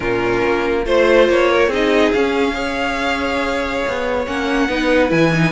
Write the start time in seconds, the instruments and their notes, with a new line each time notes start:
0.00 cello A#2, viola C#4, violin F4 A#4
0.45 cello A#3
0.85 cello A3, viola F4, violin C5
1.28 cello A#3, violin C#5
1.50 violin A#4
1.67 cello C4, viola D#4, violin G#4 D#5
2.12 cello C#4, viola C#4, violin F5
2.54 viola G#4, violin C#5
3.87 cello B3
4.26 cello A#3, viola C#4, violin F#5
4.68 cello B3, viola D#4, violin B4
5.08 cello E3, viola E4, violin G#5
5.33 viola D#4